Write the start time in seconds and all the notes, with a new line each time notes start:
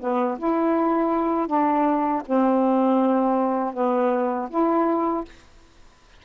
0.00 B3
0.38 E4
1.47 D4
2.26 C4
3.74 B3
4.49 E4